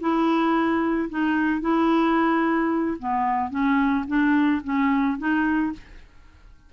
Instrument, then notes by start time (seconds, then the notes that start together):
clarinet
0.00 E4
1.09 D#4
1.61 E4
2.99 B3
3.50 C#4
4.07 D4
4.64 C#4
5.18 D#4